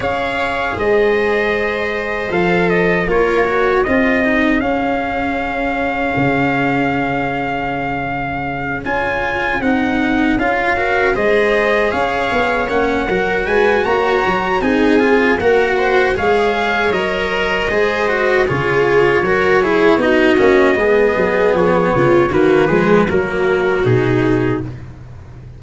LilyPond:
<<
  \new Staff \with { instrumentName = "trumpet" } { \time 4/4 \tempo 4 = 78 f''4 dis''2 f''8 dis''8 | cis''4 dis''4 f''2~ | f''2.~ f''8 gis''8~ | gis''8 fis''4 f''4 dis''4 f''8~ |
f''8 fis''4 gis''8 ais''4 gis''4 | fis''4 f''4 dis''2 | cis''2 dis''2 | cis''4 b'4 ais'4 gis'4 | }
  \new Staff \with { instrumentName = "viola" } { \time 4/4 cis''4 c''2. | ais'4 gis'2.~ | gis'1~ | gis'2 ais'8 c''4 cis''8~ |
cis''4 ais'8 b'8 cis''4 gis'4 | ais'8 c''8 cis''2 c''4 | gis'4 ais'8 gis'8 fis'4 gis'4~ | gis'8 f'8 fis'8 gis'8 fis'2 | }
  \new Staff \with { instrumentName = "cello" } { \time 4/4 gis'2. a'4 | f'8 fis'8 f'8 dis'8 cis'2~ | cis'2.~ cis'8 f'8~ | f'8 dis'4 f'8 fis'8 gis'4.~ |
gis'8 cis'8 fis'2 dis'8 f'8 | fis'4 gis'4 ais'4 gis'8 fis'8 | f'4 fis'8 e'8 dis'8 cis'8 b4~ | b4 ais8 gis8 ais4 dis'4 | }
  \new Staff \with { instrumentName = "tuba" } { \time 4/4 cis'4 gis2 f4 | ais4 c'4 cis'2 | cis2.~ cis8 cis'8~ | cis'8 c'4 cis'4 gis4 cis'8 |
b8 ais8 fis8 gis8 ais8 fis8 c'4 | ais4 gis4 fis4 gis4 | cis4 fis4 b8 ais8 gis8 fis8 | f8 cis8 dis8 f8 fis4 b,4 | }
>>